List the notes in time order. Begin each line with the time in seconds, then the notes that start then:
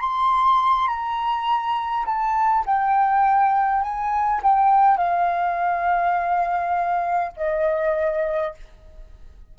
0.00 C6
0.88 A#5
2.06 A5
2.66 G5
3.82 G#5
4.43 G5
4.97 F5
7.36 D#5